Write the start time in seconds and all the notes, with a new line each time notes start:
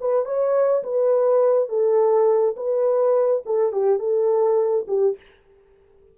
0.00 B4
0.25 C#5
0.83 B4
1.69 A4
2.56 B4
3.46 A4
3.72 G4
3.99 A4
4.87 G4